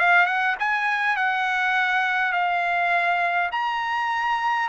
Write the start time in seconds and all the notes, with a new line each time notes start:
0.00 F5
0.27 F#5
0.60 G#5
1.17 F#5
2.33 F5
3.52 A#5